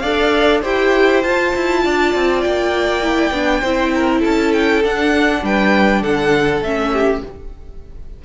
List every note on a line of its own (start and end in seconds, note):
0.00 0.63 D4
0.00 0.63 A4
0.00 0.62 D5
0.00 0.60 F5
0.62 1.24 E4
0.62 1.23 G4
0.62 1.82 C5
0.62 1.23 G5
1.23 1.54 F4
1.23 3.03 F4
1.23 2.42 A5
1.55 1.85 E4
1.84 2.15 D4
1.84 3.61 D5
2.15 2.45 C4
2.42 3.31 A#3
2.42 4.22 G5
3.03 3.33 E4
3.31 3.61 B3
3.31 3.64 D4
3.61 4.23 C4
3.61 4.84 E4
3.61 3.91 C5
3.95 4.21 A#4
4.21 4.84 C#4
4.21 5.41 A4
4.21 4.53 A5
4.53 4.83 G5
4.84 6.64 D4
4.84 5.43 D4
4.84 5.45 F#5
5.43 6.03 G3
5.43 6.02 B4
5.43 6.04 G5
6.02 6.62 D3
6.02 6.92 A4
6.02 6.63 F#5
6.62 7.22 A3
6.62 7.25 C#4
6.62 7.23 E5
6.92 7.23 G4